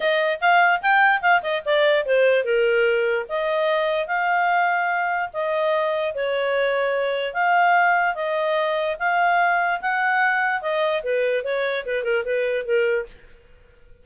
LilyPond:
\new Staff \with { instrumentName = "clarinet" } { \time 4/4 \tempo 4 = 147 dis''4 f''4 g''4 f''8 dis''8 | d''4 c''4 ais'2 | dis''2 f''2~ | f''4 dis''2 cis''4~ |
cis''2 f''2 | dis''2 f''2 | fis''2 dis''4 b'4 | cis''4 b'8 ais'8 b'4 ais'4 | }